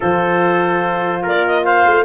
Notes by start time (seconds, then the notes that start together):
0.00 F3 F4 A4 C5
1.22 A#3 A#4 D5
1.46 D#5
1.64 C5 F5
1.86 A3